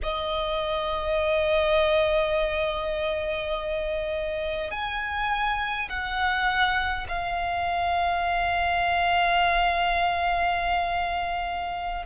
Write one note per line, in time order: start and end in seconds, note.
0.02 4.71 D#5
4.71 5.88 G#5
5.89 7.06 F#5
7.08 12.05 F5